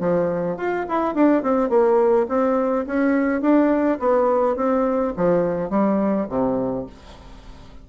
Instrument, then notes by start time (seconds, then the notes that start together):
bassoon
0.00 F3
0.57 F4
0.89 E4
1.15 D4
1.43 C4
1.70 A#3
2.29 C4
2.87 C#4
3.42 D4
3.99 B3
4.56 C4
5.17 F3
5.70 G3
6.29 C3